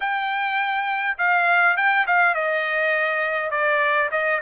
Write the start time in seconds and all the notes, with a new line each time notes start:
0.00 G5
1.18 F5
1.76 G5
2.06 F5
2.34 D#5
3.50 D5
4.11 D#5